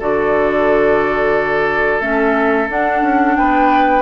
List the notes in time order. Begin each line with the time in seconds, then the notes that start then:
0.00 D3 F#4 A4 D5
2.01 A3 C#4 E5
2.69 D4 F#5
3.02 C#4
3.37 B3 B4 G5